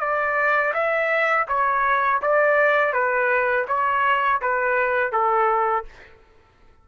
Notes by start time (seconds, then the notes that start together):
0.00 D5
0.74 E5
1.48 C#5
2.22 D5
2.93 B4
3.68 C#5
4.42 B4
5.12 A4